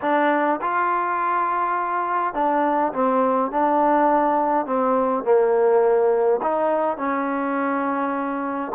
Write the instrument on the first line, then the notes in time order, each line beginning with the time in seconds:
trombone
0.01 D4
0.61 F4
2.34 D4
2.93 C4
3.51 D4
4.65 C4
5.24 A#3
6.42 D#4
6.97 C#4